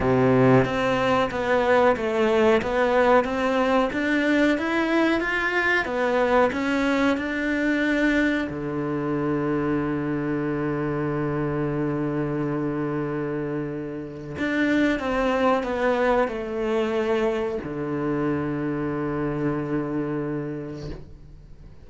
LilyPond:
\new Staff \with { instrumentName = "cello" } { \time 4/4 \tempo 4 = 92 c4 c'4 b4 a4 | b4 c'4 d'4 e'4 | f'4 b4 cis'4 d'4~ | d'4 d2.~ |
d1~ | d2 d'4 c'4 | b4 a2 d4~ | d1 | }